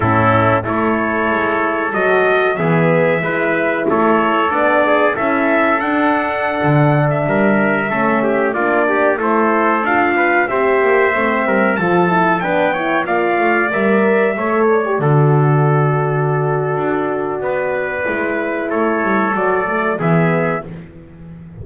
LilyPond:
<<
  \new Staff \with { instrumentName = "trumpet" } { \time 4/4 \tempo 4 = 93 a'4 cis''2 dis''4 | e''2 cis''4 d''4 | e''4 fis''2 e''4~ | e''4~ e''16 d''4 c''4 f''8.~ |
f''16 e''2 a''4 g''8.~ | g''16 f''4 e''4. d''4~ d''16~ | d''1~ | d''4 cis''4 d''4 e''4 | }
  \new Staff \with { instrumentName = "trumpet" } { \time 4/4 e'4 a'2. | gis'4 b'4 a'4. gis'8 | a'2.~ a'16 ais'8.~ | ais'16 a'8 g'8 f'8 g'8 a'4. b'16~ |
b'16 c''4. ais'8 a'4 b'8 cis''16~ | cis''16 d''2 cis''4 a'8.~ | a'2. b'4~ | b'4 a'2 gis'4 | }
  \new Staff \with { instrumentName = "horn" } { \time 4/4 cis'4 e'2 fis'4 | b4 e'2 d'4 | e'4 d'2.~ | d'16 cis'4 d'4 e'4 f'8.~ |
f'16 g'4 c'4 f'8 e'8 d'8 e'16~ | e'16 f'4 ais'4 a'8. g'16 fis'8.~ | fis'1 | e'2 fis'8 a8 b4 | }
  \new Staff \with { instrumentName = "double bass" } { \time 4/4 a,4 a4 gis4 fis4 | e4 gis4 a4 b4 | cis'4 d'4~ d'16 d4 g8.~ | g16 a4 ais4 a4 d'8.~ |
d'16 c'8 ais8 a8 g8 f4 b8.~ | b16 ais8 a8 g4 a4 d8.~ | d2 d'4 b4 | gis4 a8 g8 fis4 e4 | }
>>